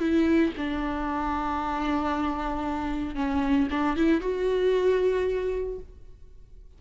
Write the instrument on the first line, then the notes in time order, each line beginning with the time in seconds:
viola
0.00 E4
0.57 D4
3.16 C#4
3.71 D4
3.97 E4
4.22 F#4